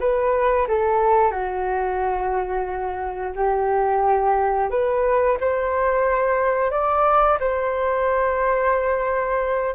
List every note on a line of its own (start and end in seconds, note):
0.00 0.67 B4
0.68 1.31 A4
1.31 3.33 F#4
3.36 4.70 G4
4.70 5.38 B4
5.41 6.71 C5
6.71 7.39 D5
7.40 9.75 C5